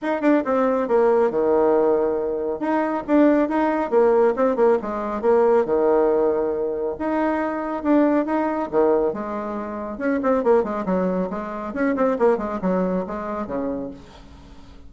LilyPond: \new Staff \with { instrumentName = "bassoon" } { \time 4/4 \tempo 4 = 138 dis'8 d'8 c'4 ais4 dis4~ | dis2 dis'4 d'4 | dis'4 ais4 c'8 ais8 gis4 | ais4 dis2. |
dis'2 d'4 dis'4 | dis4 gis2 cis'8 c'8 | ais8 gis8 fis4 gis4 cis'8 c'8 | ais8 gis8 fis4 gis4 cis4 | }